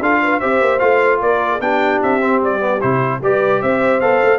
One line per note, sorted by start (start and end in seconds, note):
0.00 0.40 D4
0.00 0.42 F4
0.00 0.22 A4
0.00 0.41 F5
0.23 0.40 B4
0.40 0.61 C4
0.40 0.81 G4
0.40 1.20 C5
0.40 0.80 E5
0.61 0.81 A#3
0.80 1.21 A3
0.80 1.61 F4
0.80 1.20 F5
1.21 1.60 A#3
1.21 1.52 A#4
1.21 1.62 D5
1.52 1.62 G#4
1.60 2.00 B3
1.60 2.21 D4
1.60 3.23 G4
1.60 2.02 G5
2.03 2.42 C4
2.03 2.43 E5
2.21 2.60 C4
2.42 2.82 G3
2.42 2.82 D5
2.60 2.80 B3
2.82 3.21 C3
2.82 3.22 E4
2.82 3.22 C5
3.21 3.61 G3
3.21 4.02 G4
3.21 3.62 B4
3.21 3.63 D5
3.62 4.01 C4
3.62 4.40 C5
3.62 4.01 E5
4.01 4.21 B3
4.01 4.40 A4
4.01 4.40 F5
4.23 4.40 A3